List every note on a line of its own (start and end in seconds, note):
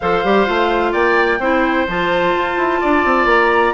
0.00 0.24 F3
0.00 0.25 A4
0.00 0.92 C5
0.00 0.93 F5
0.24 0.47 G3
0.24 0.46 G4
0.46 0.93 A3
0.46 1.40 F4
0.92 1.39 A#3
0.92 1.39 D5
0.92 1.87 G5
1.39 1.86 C4
1.39 1.88 E4
1.39 2.80 C5
1.87 2.34 F3
1.87 3.74 F4
1.87 3.28 A5
2.36 2.57 F4
2.57 2.80 E4
2.81 3.05 D4
2.81 3.74 D5
3.05 3.25 C4
3.25 3.72 A#3
3.25 3.74 A#5